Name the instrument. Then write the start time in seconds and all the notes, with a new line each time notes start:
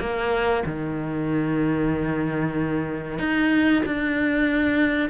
cello
0.00 A#3
0.66 D#3
3.19 D#4
3.86 D4